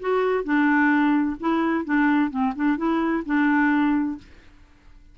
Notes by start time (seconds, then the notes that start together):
0.00 F#4
0.44 D4
1.40 E4
1.85 D4
2.30 C4
2.56 D4
2.77 E4
3.26 D4